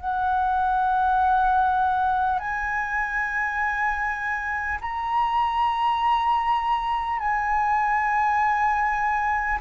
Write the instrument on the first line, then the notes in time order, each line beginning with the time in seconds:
flute
0.00 F#5
2.39 G#5
4.81 A#5
7.19 G#5